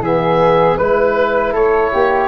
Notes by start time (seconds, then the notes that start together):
0.00 E3 B3 G#4 E5
0.78 G#3 E4 B4
1.53 A3 A4 C#5
1.93 A#3 G4